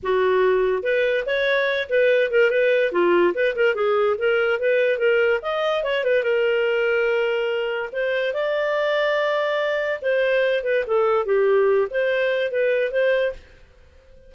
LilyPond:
\new Staff \with { instrumentName = "clarinet" } { \time 4/4 \tempo 4 = 144 fis'2 b'4 cis''4~ | cis''8 b'4 ais'8 b'4 f'4 | b'8 ais'8 gis'4 ais'4 b'4 | ais'4 dis''4 cis''8 b'8 ais'4~ |
ais'2. c''4 | d''1 | c''4. b'8 a'4 g'4~ | g'8 c''4. b'4 c''4 | }